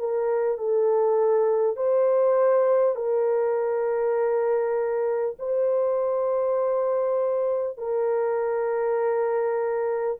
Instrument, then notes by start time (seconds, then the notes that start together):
horn
0.00 A#4
0.58 A4
1.77 C5
2.96 A#4
5.39 C5
7.78 A#4